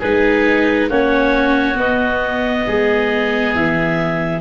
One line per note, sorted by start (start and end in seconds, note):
0.00 0.89 G#3
0.00 0.91 D#4
0.00 0.88 G#4
0.00 0.90 B4
0.89 1.78 A#3
0.89 1.75 C#4
0.89 2.65 F#4
0.89 1.80 C#5
1.75 4.40 B3
1.75 2.66 B3
1.75 3.55 D#5
2.67 3.55 G#3
2.67 4.41 G#4
3.55 4.41 E3
3.55 4.41 E5